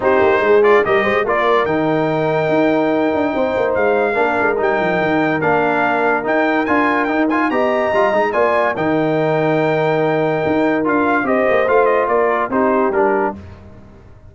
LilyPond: <<
  \new Staff \with { instrumentName = "trumpet" } { \time 4/4 \tempo 4 = 144 c''4. d''8 dis''4 d''4 | g''1~ | g''4 f''2 g''4~ | g''4 f''2 g''4 |
gis''4 g''8 gis''8 ais''2 | gis''4 g''2.~ | g''2 f''4 dis''4 | f''8 dis''8 d''4 c''4 ais'4 | }
  \new Staff \with { instrumentName = "horn" } { \time 4/4 g'4 gis'4 ais'8 c''8 ais'4~ | ais'1 | c''2 ais'2~ | ais'1~ |
ais'2 dis''2 | d''4 ais'2.~ | ais'2. c''4~ | c''4 ais'4 g'2 | }
  \new Staff \with { instrumentName = "trombone" } { \time 4/4 dis'4. f'8 g'4 f'4 | dis'1~ | dis'2 d'4 dis'4~ | dis'4 d'2 dis'4 |
f'4 dis'8 f'8 g'4 f'8 dis'8 | f'4 dis'2.~ | dis'2 f'4 g'4 | f'2 dis'4 d'4 | }
  \new Staff \with { instrumentName = "tuba" } { \time 4/4 c'8 ais8 gis4 g8 gis8 ais4 | dis2 dis'4. d'8 | c'8 ais8 gis4 ais8 gis8 g8 f8 | dis4 ais2 dis'4 |
d'4 dis'4 b4 g8 gis8 | ais4 dis2.~ | dis4 dis'4 d'4 c'8 ais8 | a4 ais4 c'4 g4 | }
>>